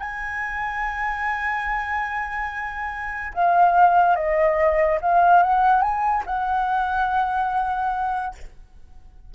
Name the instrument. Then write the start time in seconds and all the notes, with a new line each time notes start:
flute
0.00 G#5
3.34 F5
4.16 D#5
5.01 F5
5.42 F#5
5.82 G#5
6.26 F#5